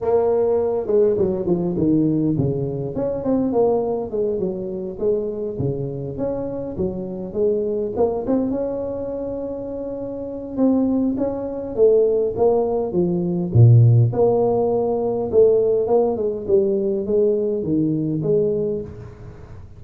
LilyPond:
\new Staff \with { instrumentName = "tuba" } { \time 4/4 \tempo 4 = 102 ais4. gis8 fis8 f8 dis4 | cis4 cis'8 c'8 ais4 gis8 fis8~ | fis8 gis4 cis4 cis'4 fis8~ | fis8 gis4 ais8 c'8 cis'4.~ |
cis'2 c'4 cis'4 | a4 ais4 f4 ais,4 | ais2 a4 ais8 gis8 | g4 gis4 dis4 gis4 | }